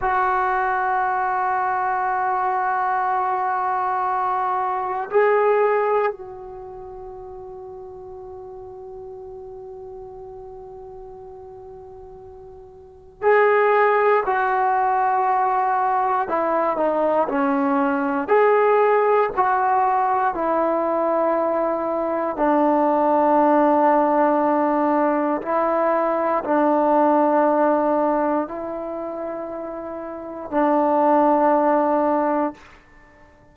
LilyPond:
\new Staff \with { instrumentName = "trombone" } { \time 4/4 \tempo 4 = 59 fis'1~ | fis'4 gis'4 fis'2~ | fis'1~ | fis'4 gis'4 fis'2 |
e'8 dis'8 cis'4 gis'4 fis'4 | e'2 d'2~ | d'4 e'4 d'2 | e'2 d'2 | }